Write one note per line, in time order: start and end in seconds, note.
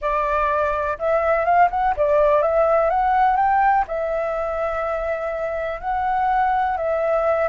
0.01 0.98 D5
0.98 1.44 E5
1.44 1.68 F5
1.70 1.94 F#5
1.96 2.42 D5
2.42 2.90 E5
2.90 3.36 F#5
3.36 3.84 G5
3.87 5.80 E5
5.80 6.77 F#5
6.77 7.48 E5